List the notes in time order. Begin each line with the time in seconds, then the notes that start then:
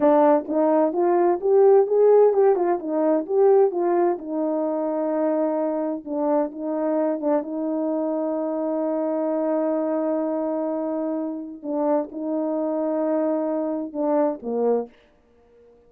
0.00 D4
0.48 D#4
0.93 F4
1.40 G4
1.86 G#4
2.33 G4
2.55 F4
2.79 D#4
3.26 G4
3.71 F4
4.18 D#4
6.04 D4
6.51 D#4
7.20 D4
7.42 D#4
11.62 D4
12.11 D#4
13.92 D4
14.42 A#3